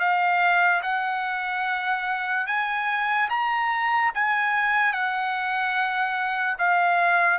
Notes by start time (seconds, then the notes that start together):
0.00 F5
0.83 F#5
2.47 G#5
3.30 A#5
4.15 G#5
4.93 F#5
6.59 F5